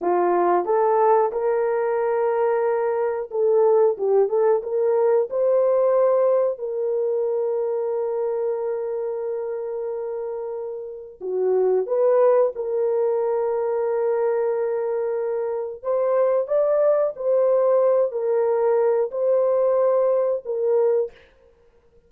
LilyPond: \new Staff \with { instrumentName = "horn" } { \time 4/4 \tempo 4 = 91 f'4 a'4 ais'2~ | ais'4 a'4 g'8 a'8 ais'4 | c''2 ais'2~ | ais'1~ |
ais'4 fis'4 b'4 ais'4~ | ais'1 | c''4 d''4 c''4. ais'8~ | ais'4 c''2 ais'4 | }